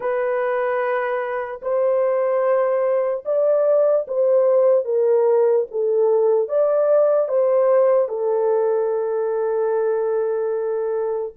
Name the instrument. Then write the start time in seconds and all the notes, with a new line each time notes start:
horn
0.00 B4
1.61 C5
3.25 D5
4.07 C5
4.84 A#4
5.71 A4
6.48 D5
7.28 C5
8.08 A4